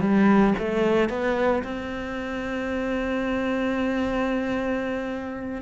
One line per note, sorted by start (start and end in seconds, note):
0.00 0.54 G3
0.58 1.09 A3
1.09 1.63 B3
1.64 5.62 C4